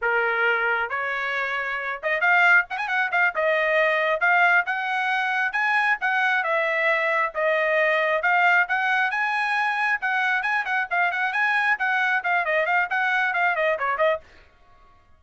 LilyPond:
\new Staff \with { instrumentName = "trumpet" } { \time 4/4 \tempo 4 = 135 ais'2 cis''2~ | cis''8 dis''8 f''4 fis''16 gis''16 fis''8 f''8 dis''8~ | dis''4. f''4 fis''4.~ | fis''8 gis''4 fis''4 e''4.~ |
e''8 dis''2 f''4 fis''8~ | fis''8 gis''2 fis''4 gis''8 | fis''8 f''8 fis''8 gis''4 fis''4 f''8 | dis''8 f''8 fis''4 f''8 dis''8 cis''8 dis''8 | }